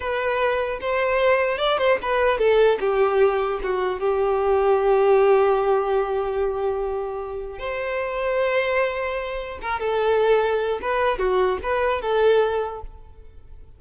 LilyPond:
\new Staff \with { instrumentName = "violin" } { \time 4/4 \tempo 4 = 150 b'2 c''2 | d''8 c''8 b'4 a'4 g'4~ | g'4 fis'4 g'2~ | g'1~ |
g'2. c''4~ | c''1 | ais'8 a'2~ a'8 b'4 | fis'4 b'4 a'2 | }